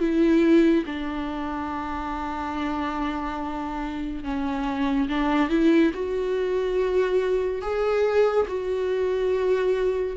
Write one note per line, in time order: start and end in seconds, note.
0.00 0.85 E4
0.86 4.24 D4
4.24 5.09 C#4
5.09 5.50 D4
5.50 5.92 E4
5.94 7.62 F#4
7.62 8.47 G#4
8.48 10.17 F#4